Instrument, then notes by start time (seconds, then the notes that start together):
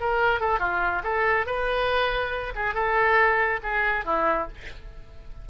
oboe
0.00 A#4
0.40 A4
0.59 F4
1.03 A4
1.46 B4
2.55 G#4
2.74 A4
3.63 G#4
4.05 E4